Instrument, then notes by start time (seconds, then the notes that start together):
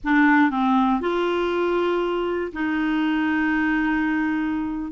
clarinet
0.03 D4
0.50 C4
1.00 F4
2.52 D#4